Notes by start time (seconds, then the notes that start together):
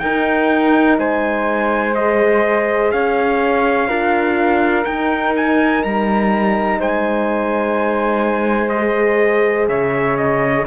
0.00 D#4 A#4 G5
0.99 G#3 C5 G#5
1.95 G#4 D#5
2.92 C#4 C#5 F5
3.89 D4 F4 A#4
4.85 D#4 G5
5.36 G#5
5.84 G3 A#5
6.79 G#3 C5 G#5
8.70 D#5
8.76 G#4
9.69 C#3 C#5 E5
10.18 D#5